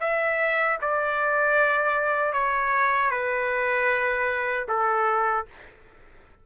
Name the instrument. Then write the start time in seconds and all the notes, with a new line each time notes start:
trumpet
0.00 E5
0.81 D5
2.33 C#5
3.11 B4
4.68 A4